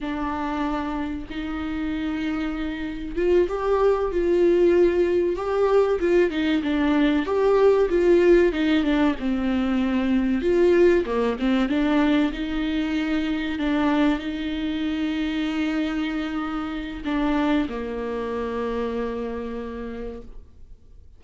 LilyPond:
\new Staff \with { instrumentName = "viola" } { \time 4/4 \tempo 4 = 95 d'2 dis'2~ | dis'4 f'8 g'4 f'4.~ | f'8 g'4 f'8 dis'8 d'4 g'8~ | g'8 f'4 dis'8 d'8 c'4.~ |
c'8 f'4 ais8 c'8 d'4 dis'8~ | dis'4. d'4 dis'4.~ | dis'2. d'4 | ais1 | }